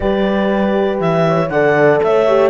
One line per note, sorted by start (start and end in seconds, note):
0.00 1.00 G3
0.00 1.49 G4
0.00 1.26 B4
0.00 0.99 D5
1.00 1.49 E3
1.00 1.49 E5
1.28 1.52 C#5
1.49 2.00 D3
1.49 2.27 A4
1.49 2.02 D5
1.49 2.00 F#5
2.03 2.50 A3
2.03 2.50 C#5
2.03 2.50 E5
2.27 2.50 G4